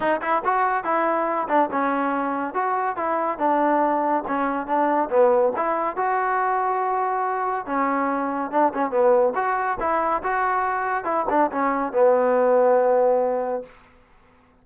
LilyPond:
\new Staff \with { instrumentName = "trombone" } { \time 4/4 \tempo 4 = 141 dis'8 e'8 fis'4 e'4. d'8 | cis'2 fis'4 e'4 | d'2 cis'4 d'4 | b4 e'4 fis'2~ |
fis'2 cis'2 | d'8 cis'8 b4 fis'4 e'4 | fis'2 e'8 d'8 cis'4 | b1 | }